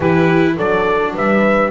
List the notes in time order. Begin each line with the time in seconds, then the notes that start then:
0.00 E3 E4 G4 B4
0.56 F#3 D4 A4 D5
1.14 G3 B4 E5